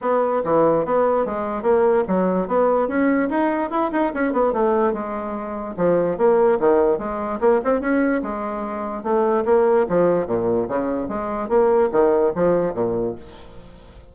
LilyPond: \new Staff \with { instrumentName = "bassoon" } { \time 4/4 \tempo 4 = 146 b4 e4 b4 gis4 | ais4 fis4 b4 cis'4 | dis'4 e'8 dis'8 cis'8 b8 a4 | gis2 f4 ais4 |
dis4 gis4 ais8 c'8 cis'4 | gis2 a4 ais4 | f4 ais,4 cis4 gis4 | ais4 dis4 f4 ais,4 | }